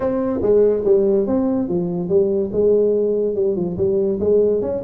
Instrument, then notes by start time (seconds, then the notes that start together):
tuba
0.00 C4
0.42 G#3
0.84 G3
1.27 C4
1.68 F3
2.08 G3
2.52 G#3
3.35 G3
3.55 F3
3.77 G3
4.20 G#3
4.61 C#4